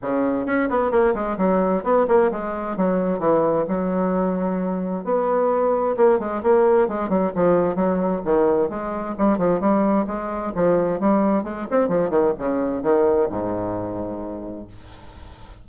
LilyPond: \new Staff \with { instrumentName = "bassoon" } { \time 4/4 \tempo 4 = 131 cis4 cis'8 b8 ais8 gis8 fis4 | b8 ais8 gis4 fis4 e4 | fis2. b4~ | b4 ais8 gis8 ais4 gis8 fis8 |
f4 fis4 dis4 gis4 | g8 f8 g4 gis4 f4 | g4 gis8 c'8 f8 dis8 cis4 | dis4 gis,2. | }